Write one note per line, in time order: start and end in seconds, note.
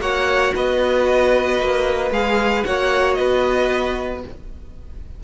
0.00 0.53 A#3
0.00 2.11 F#4
0.00 0.55 C#5
0.00 0.54 F#5
0.55 1.60 B3
0.55 2.66 B4
0.55 2.13 D#5
1.60 2.11 A#3
2.11 2.64 G#3
2.11 2.65 G#4
2.11 2.64 F5
2.64 3.19 A#3
2.64 4.23 F#4
2.64 3.19 C#5
2.64 3.14 F#5
3.14 4.24 B3
3.14 4.24 B4
3.14 4.20 D#5